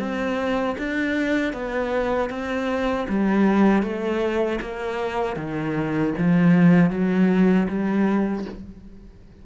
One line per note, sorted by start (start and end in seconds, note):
0.00 0.77 C4
0.79 1.53 D4
1.53 2.30 B3
2.30 3.07 C4
3.09 3.83 G3
3.83 4.60 A3
4.62 5.37 A#3
5.37 6.14 D#3
6.19 6.91 F3
6.91 7.68 F#3
7.69 8.45 G3